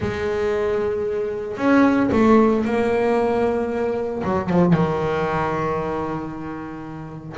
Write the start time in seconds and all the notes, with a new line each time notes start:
0.00 G#3
1.57 C#4
2.12 A3
2.64 A#3
4.23 F#3
4.49 F3
4.73 D#3